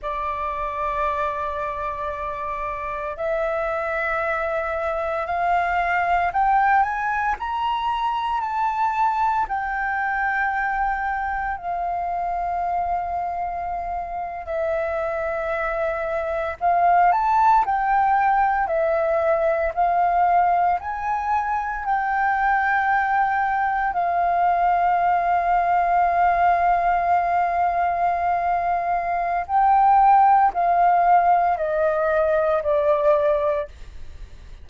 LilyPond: \new Staff \with { instrumentName = "flute" } { \time 4/4 \tempo 4 = 57 d''2. e''4~ | e''4 f''4 g''8 gis''8 ais''4 | a''4 g''2 f''4~ | f''4.~ f''16 e''2 f''16~ |
f''16 a''8 g''4 e''4 f''4 gis''16~ | gis''8. g''2 f''4~ f''16~ | f''1 | g''4 f''4 dis''4 d''4 | }